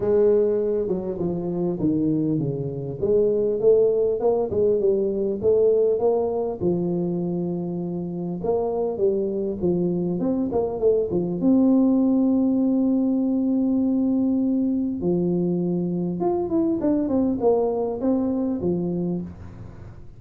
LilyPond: \new Staff \with { instrumentName = "tuba" } { \time 4/4 \tempo 4 = 100 gis4. fis8 f4 dis4 | cis4 gis4 a4 ais8 gis8 | g4 a4 ais4 f4~ | f2 ais4 g4 |
f4 c'8 ais8 a8 f8 c'4~ | c'1~ | c'4 f2 f'8 e'8 | d'8 c'8 ais4 c'4 f4 | }